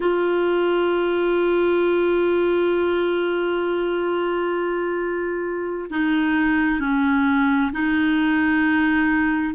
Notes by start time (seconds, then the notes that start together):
0.00 F4
5.90 D#4
6.80 C#4
7.72 D#4